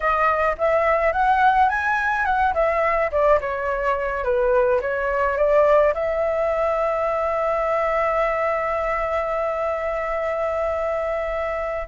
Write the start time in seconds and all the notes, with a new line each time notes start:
0.00 D#5
0.58 E5
1.12 F#5
1.69 G#5
2.25 F#5
2.54 E5
3.11 D5
3.40 C#5
4.23 B4
4.81 C#5
5.37 D5
5.94 E5